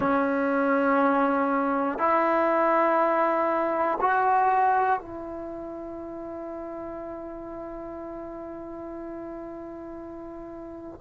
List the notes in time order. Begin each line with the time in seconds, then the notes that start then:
0.00 C#4
1.98 E4
4.00 F#4
5.00 E4